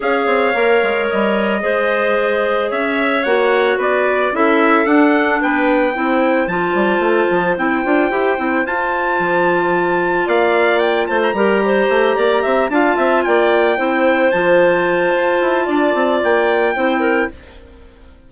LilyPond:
<<
  \new Staff \with { instrumentName = "trumpet" } { \time 4/4 \tempo 4 = 111 f''2 dis''2~ | dis''4 e''4 fis''4 d''4 | e''4 fis''4 g''2 | a''2 g''2 |
a''2. f''4 | g''8 a''16 ais''2~ ais''8. a''8~ | a''8 g''2 a''4.~ | a''2 g''2 | }
  \new Staff \with { instrumentName = "clarinet" } { \time 4/4 cis''2. c''4~ | c''4 cis''2 b'4 | a'2 b'4 c''4~ | c''1~ |
c''2. d''4~ | d''8 c''8 ais'8 c''4 d''8 e''8 f''8 | e''8 d''4 c''2~ c''8~ | c''4 d''2 c''8 ais'8 | }
  \new Staff \with { instrumentName = "clarinet" } { \time 4/4 gis'4 ais'2 gis'4~ | gis'2 fis'2 | e'4 d'2 e'4 | f'2 e'8 f'8 g'8 e'8 |
f'1~ | f'4 g'2~ g'8 f'8~ | f'4. e'4 f'4.~ | f'2. e'4 | }
  \new Staff \with { instrumentName = "bassoon" } { \time 4/4 cis'8 c'8 ais8 gis8 g4 gis4~ | gis4 cis'4 ais4 b4 | cis'4 d'4 b4 c'4 | f8 g8 a8 f8 c'8 d'8 e'8 c'8 |
f'4 f2 ais4~ | ais8 a8 g4 a8 ais8 c'8 d'8 | c'8 ais4 c'4 f4. | f'8 e'8 d'8 c'8 ais4 c'4 | }
>>